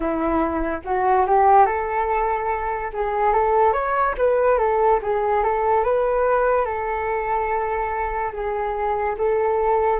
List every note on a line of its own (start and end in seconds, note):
0.00 0.80 E4
0.84 1.26 F#4
1.26 1.66 G4
1.66 2.91 A4
2.93 3.33 G#4
3.33 3.73 A4
3.73 4.14 C#5
4.17 4.58 B4
4.58 5.00 A4
5.02 5.43 G#4
5.43 5.84 A4
5.84 6.65 B4
6.65 8.31 A4
8.32 9.16 G#4
9.17 10.00 A4